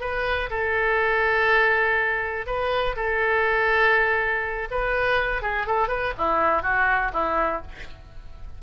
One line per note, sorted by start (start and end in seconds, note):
0.00 0.49 B4
0.50 2.46 A4
2.46 2.96 B4
2.96 4.68 A4
4.71 5.42 B4
5.42 5.66 G#4
5.66 5.88 A4
5.88 6.13 B4
6.17 6.62 E4
6.62 7.11 F#4
7.12 7.62 E4